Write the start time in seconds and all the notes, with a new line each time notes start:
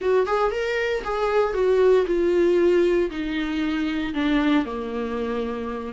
0.01 F#4
0.26 G#4
0.51 A#4
1.03 G#4
1.53 F#4
2.06 F4
3.10 D#4
4.14 D4
4.65 A#3